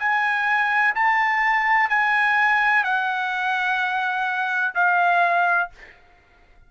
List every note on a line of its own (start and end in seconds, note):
0.00 0.95 G#5
0.95 1.90 A5
1.90 2.84 G#5
2.84 4.74 F#5
4.75 5.70 F5